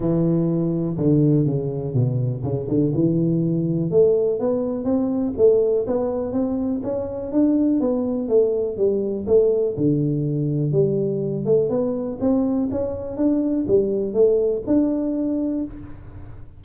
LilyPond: \new Staff \with { instrumentName = "tuba" } { \time 4/4 \tempo 4 = 123 e2 d4 cis4 | b,4 cis8 d8 e2 | a4 b4 c'4 a4 | b4 c'4 cis'4 d'4 |
b4 a4 g4 a4 | d2 g4. a8 | b4 c'4 cis'4 d'4 | g4 a4 d'2 | }